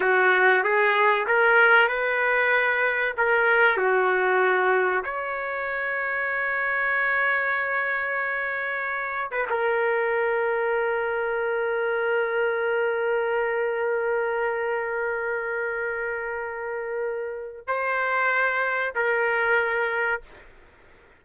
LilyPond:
\new Staff \with { instrumentName = "trumpet" } { \time 4/4 \tempo 4 = 95 fis'4 gis'4 ais'4 b'4~ | b'4 ais'4 fis'2 | cis''1~ | cis''2~ cis''8. b'16 ais'4~ |
ais'1~ | ais'1~ | ais'1 | c''2 ais'2 | }